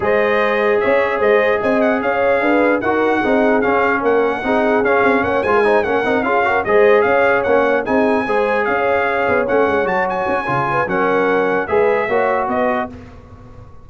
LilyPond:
<<
  \new Staff \with { instrumentName = "trumpet" } { \time 4/4 \tempo 4 = 149 dis''2 e''4 dis''4 | gis''8 fis''8 f''2 fis''4~ | fis''4 f''4 fis''2 | f''4 fis''8 gis''4 fis''4 f''8~ |
f''8 dis''4 f''4 fis''4 gis''8~ | gis''4. f''2 fis''8~ | fis''8 a''8 gis''2 fis''4~ | fis''4 e''2 dis''4 | }
  \new Staff \with { instrumentName = "horn" } { \time 4/4 c''2 cis''4 c''4 | dis''4 cis''4 b'4 ais'4 | gis'2 ais'4 gis'4~ | gis'4 cis''8 c''16 ais'16 c''8 ais'4 gis'8 |
ais'8 c''4 cis''2 gis'8~ | gis'8 c''4 cis''2~ cis''8~ | cis''2~ cis''8 b'8 ais'4~ | ais'4 b'4 cis''4 b'4 | }
  \new Staff \with { instrumentName = "trombone" } { \time 4/4 gis'1~ | gis'2. fis'4 | dis'4 cis'2 dis'4 | cis'4. f'8 dis'8 cis'8 dis'8 f'8 |
fis'8 gis'2 cis'4 dis'8~ | dis'8 gis'2. cis'8~ | cis'8 fis'4. f'4 cis'4~ | cis'4 gis'4 fis'2 | }
  \new Staff \with { instrumentName = "tuba" } { \time 4/4 gis2 cis'4 gis4 | c'4 cis'4 d'4 dis'4 | c'4 cis'4 ais4 c'4 | cis'8 c'8 ais8 gis4 ais8 c'8 cis'8~ |
cis'8 gis4 cis'4 ais4 c'8~ | c'8 gis4 cis'4. b8 a8 | gis8 fis4 cis'8 cis4 fis4~ | fis4 gis4 ais4 b4 | }
>>